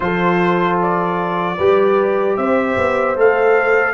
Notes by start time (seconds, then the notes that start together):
0.00 F3 F4 A4 C5
0.82 D5
1.57 G3 G4 B4
2.37 C4 C5 E5
2.77 B3
3.16 A3 A4 F5